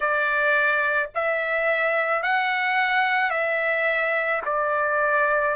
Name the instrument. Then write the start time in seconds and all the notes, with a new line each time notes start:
trumpet
0.00 D5
1.15 E5
2.22 F#5
3.30 E5
4.45 D5